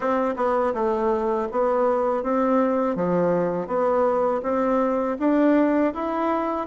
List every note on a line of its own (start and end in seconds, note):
0.00 0.34 C4
0.36 0.73 B3
0.73 1.47 A3
1.51 2.23 B3
2.23 2.95 C4
2.95 3.67 F3
3.67 4.41 B3
4.42 5.17 C4
5.19 5.93 D4
5.94 6.66 E4